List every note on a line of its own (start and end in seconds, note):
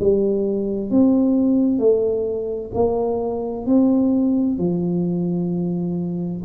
0.00 0.91 G3
0.91 1.80 C4
1.80 2.72 A3
2.75 3.67 A#3
3.67 4.59 C4
4.59 6.43 F3